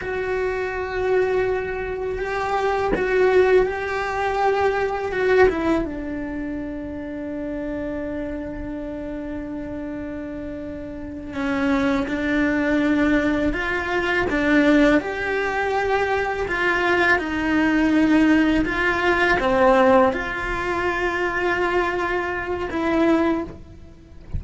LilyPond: \new Staff \with { instrumentName = "cello" } { \time 4/4 \tempo 4 = 82 fis'2. g'4 | fis'4 g'2 fis'8 e'8 | d'1~ | d'2.~ d'8 cis'8~ |
cis'8 d'2 f'4 d'8~ | d'8 g'2 f'4 dis'8~ | dis'4. f'4 c'4 f'8~ | f'2. e'4 | }